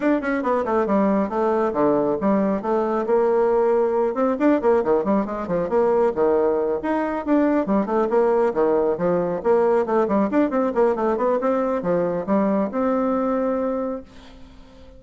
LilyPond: \new Staff \with { instrumentName = "bassoon" } { \time 4/4 \tempo 4 = 137 d'8 cis'8 b8 a8 g4 a4 | d4 g4 a4 ais4~ | ais4. c'8 d'8 ais8 dis8 g8 | gis8 f8 ais4 dis4. dis'8~ |
dis'8 d'4 g8 a8 ais4 dis8~ | dis8 f4 ais4 a8 g8 d'8 | c'8 ais8 a8 b8 c'4 f4 | g4 c'2. | }